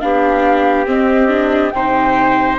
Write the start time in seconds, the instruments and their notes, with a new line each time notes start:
0.00 bassoon B3, viola D4, trumpet G4, flute F5
0.86 viola C4, bassoon C4, flute D#5
1.29 viola D4
1.71 bassoon C3, viola D#4, trumpet C5, flute G5